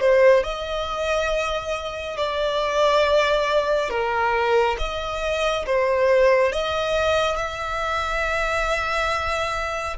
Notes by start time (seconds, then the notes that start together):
0.00 C5
0.43 D#5
2.17 D5
3.90 A#4
4.78 D#5
5.66 C5
6.52 D#5
7.36 E5